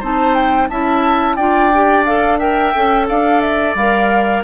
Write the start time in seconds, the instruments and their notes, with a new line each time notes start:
0.00 bassoon C4, clarinet D#4, oboe C5, flute A5
0.34 flute G5
0.69 bassoon C#4, clarinet E4, oboe E5, flute A5
1.36 bassoon D4, clarinet F4, oboe D5, flute G5
1.74 clarinet G4
2.05 clarinet A4, flute F5
2.39 clarinet A#4, oboe E5, flute G5
2.75 bassoon C#4, clarinet A4
3.09 bassoon D4, oboe D5, flute F5
3.41 flute E5
3.75 bassoon G3, clarinet A#4, flute F5